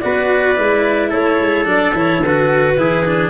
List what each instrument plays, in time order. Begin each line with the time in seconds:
0.00 tuba B3, cello F#4, trumpet B4, clarinet D5
0.55 tuba G#3, cello E4
1.10 tuba A3, trumpet A4, clarinet C#5
1.41 tuba G#3
1.65 tuba F#3, cello D4, clarinet D5
1.94 tuba E3, cello E4, clarinet C#5
2.21 tuba D3, cello F#4, clarinet B4
2.77 tuba E3, cello E4, trumpet G#4
3.06 cello D4